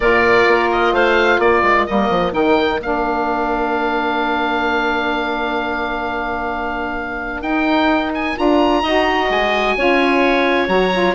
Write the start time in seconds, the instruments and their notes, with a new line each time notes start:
0.00 bassoon A#2, saxophone F4, clarinet A#4, oboe D5
0.47 bassoon A#3
0.71 oboe D#5
0.92 bassoon A3, clarinet C5, oboe F5
1.38 bassoon A#3, clarinet A#4, oboe D5
1.63 bassoon G#3
1.86 bassoon G3, saxophone A#3, oboe D#5
2.09 bassoon F3
2.32 bassoon D#3, saxophone D#4, oboe G5
2.79 bassoon A#3, saxophone D4, oboe F5
7.41 bassoon D#4, saxophone D#4, oboe G5
8.14 oboe G#5
8.35 bassoon D4, saxophone F4, oboe A#5
8.82 bassoon D#4, saxophone F#4, clarinet D#5
9.29 bassoon G#3, oboe G#5
9.76 bassoon C#4, saxophone F4, clarinet C#5
10.67 bassoon F#3, saxophone F#4, oboe A#5
10.92 saxophone F4